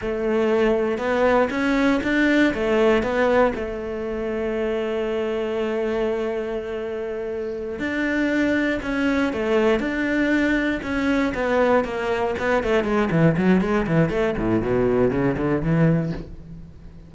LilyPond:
\new Staff \with { instrumentName = "cello" } { \time 4/4 \tempo 4 = 119 a2 b4 cis'4 | d'4 a4 b4 a4~ | a1~ | a2.~ a8 d'8~ |
d'4. cis'4 a4 d'8~ | d'4. cis'4 b4 ais8~ | ais8 b8 a8 gis8 e8 fis8 gis8 e8 | a8 a,8 b,4 cis8 d8 e4 | }